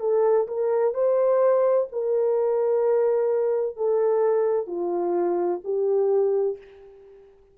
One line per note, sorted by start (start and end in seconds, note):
0.00 0.47 A4
0.47 0.94 A#4
0.94 1.87 C5
1.92 3.76 A#4
3.76 4.67 A4
4.67 5.60 F4
5.64 6.58 G4